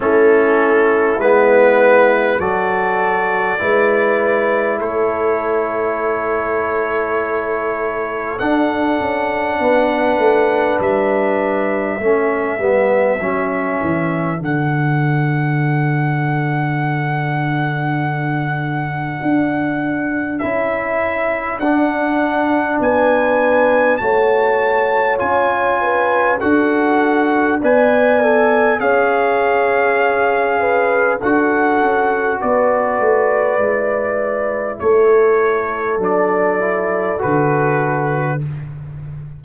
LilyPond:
<<
  \new Staff \with { instrumentName = "trumpet" } { \time 4/4 \tempo 4 = 50 a'4 b'4 d''2 | cis''2. fis''4~ | fis''4 e''2. | fis''1~ |
fis''4 e''4 fis''4 gis''4 | a''4 gis''4 fis''4 gis''4 | f''2 fis''4 d''4~ | d''4 cis''4 d''4 b'4 | }
  \new Staff \with { instrumentName = "horn" } { \time 4/4 e'2 a'4 b'4 | a'1 | b'2 a'2~ | a'1~ |
a'2. b'4 | cis''4. b'8 a'4 d''4 | cis''4. b'8 a'4 b'4~ | b'4 a'2. | }
  \new Staff \with { instrumentName = "trombone" } { \time 4/4 cis'4 b4 fis'4 e'4~ | e'2. d'4~ | d'2 cis'8 b8 cis'4 | d'1~ |
d'4 e'4 d'2 | fis'4 f'4 fis'4 b'8 a'8 | gis'2 fis'2 | e'2 d'8 e'8 fis'4 | }
  \new Staff \with { instrumentName = "tuba" } { \time 4/4 a4 gis4 fis4 gis4 | a2. d'8 cis'8 | b8 a8 g4 a8 g8 fis8 e8 | d1 |
d'4 cis'4 d'4 b4 | a4 cis'4 d'4 b4 | cis'2 d'8 cis'8 b8 a8 | gis4 a4 fis4 d4 | }
>>